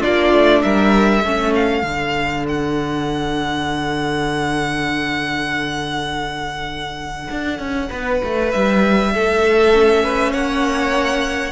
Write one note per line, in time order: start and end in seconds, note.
0.00 0.32 A#3
0.00 1.22 D4
0.00 0.61 F4
0.00 0.62 D5
0.32 0.63 A3
0.62 1.24 G3
0.62 1.22 A#4
0.62 1.53 E5
1.22 1.82 A3
1.22 1.82 C#4
1.22 7.88 A4
1.55 2.45 F5
1.82 7.28 D3
1.82 9.70 D4
2.48 8.51 F#5
7.30 7.58 D4
7.58 7.89 C#4
7.89 8.22 B3
7.89 9.10 B4
8.23 8.53 A3
8.51 9.14 G3
8.51 10.32 E5
9.14 10.33 A3
9.14 10.03 A4
9.73 11.52 C#4
10.03 10.32 B4
10.32 11.52 A#3
10.32 11.52 C#5
10.32 11.52 F#5